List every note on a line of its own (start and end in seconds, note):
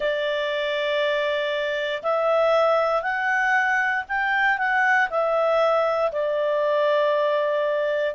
0.00 2.02 D5
2.02 3.02 E5
3.02 4.04 F#5
4.08 4.58 G5
4.58 5.08 F#5
5.09 6.11 E5
6.12 8.14 D5